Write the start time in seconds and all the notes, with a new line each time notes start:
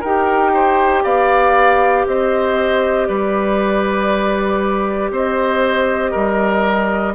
0.00 D#4 G4 A#4 G5
0.54 C5
1.04 B3 D5 F5
2.06 C4 C5 D#5
3.07 G3 B4 D5
5.11 C4 C5 D#5
6.11 G3 A#4